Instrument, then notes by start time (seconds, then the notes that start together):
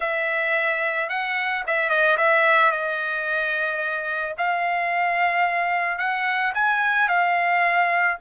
trumpet
0.00 E5
1.09 F#5
1.66 E5
1.89 D#5
2.17 E5
2.71 D#5
4.37 F5
5.98 F#5
6.54 G#5
7.08 F5